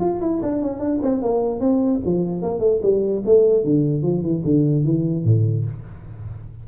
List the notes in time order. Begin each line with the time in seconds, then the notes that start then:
0.00 F4
0.21 E4
0.42 D4
0.62 C#4
0.79 D4
1.02 C4
1.22 A#3
1.60 C4
2.05 F3
2.42 A#3
2.60 A3
2.82 G3
3.25 A3
3.64 D3
4.02 F3
4.22 E3
4.44 D3
4.84 E3
5.24 A2